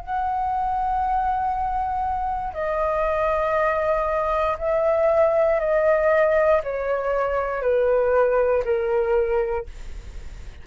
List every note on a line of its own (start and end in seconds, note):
0.00 2.54 F#5
2.54 4.57 D#5
4.59 5.60 E5
5.60 6.61 D#5
6.63 7.62 C#5
7.62 8.63 B4
8.64 9.66 A#4